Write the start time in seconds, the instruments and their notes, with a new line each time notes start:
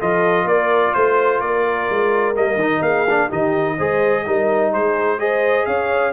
0.00 tuba F3, trombone F4, horn A4, trumpet D#5
0.45 tuba A#3, horn A#4, trumpet D5
0.94 tuba A3, trumpet C5, horn C5
1.40 tuba A#3, horn A#4, trumpet D5
1.90 tuba G#3
2.35 tuba G3, trombone A#3, trumpet D#5
2.55 tuba D#3, trombone D#4
2.82 tuba A#3, horn G#4, trumpet F5
3.09 trombone D4
3.28 tuba D#3, trombone D#4, horn G4, trumpet D#5
3.78 tuba G#3, trombone G#4, horn C5
4.26 tuba G3, trombone D#4, horn A#4
4.72 tuba G#3, horn G#4, trumpet C5
5.19 trombone G#4, horn C5, trumpet D#5
5.66 tuba C#4, horn C#5, trumpet F5